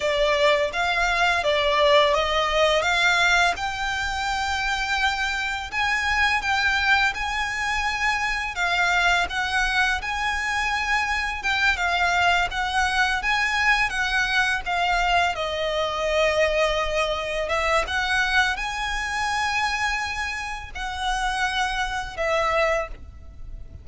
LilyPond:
\new Staff \with { instrumentName = "violin" } { \time 4/4 \tempo 4 = 84 d''4 f''4 d''4 dis''4 | f''4 g''2. | gis''4 g''4 gis''2 | f''4 fis''4 gis''2 |
g''8 f''4 fis''4 gis''4 fis''8~ | fis''8 f''4 dis''2~ dis''8~ | dis''8 e''8 fis''4 gis''2~ | gis''4 fis''2 e''4 | }